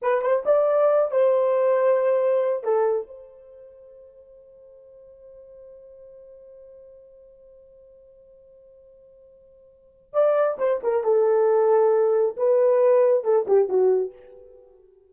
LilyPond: \new Staff \with { instrumentName = "horn" } { \time 4/4 \tempo 4 = 136 b'8 c''8 d''4. c''4.~ | c''2 a'4 c''4~ | c''1~ | c''1~ |
c''1~ | c''2. d''4 | c''8 ais'8 a'2. | b'2 a'8 g'8 fis'4 | }